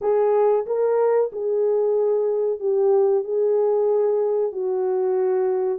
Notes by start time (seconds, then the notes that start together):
0.01 G#4
0.66 A#4
1.32 G#4
2.59 G4
3.23 G#4
4.52 F#4